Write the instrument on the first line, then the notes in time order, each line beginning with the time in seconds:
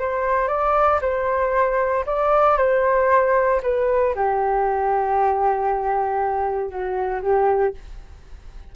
flute
0.00 C5
0.48 D5
1.02 C5
2.06 D5
2.58 C5
3.63 B4
4.15 G4
6.70 F#4
7.22 G4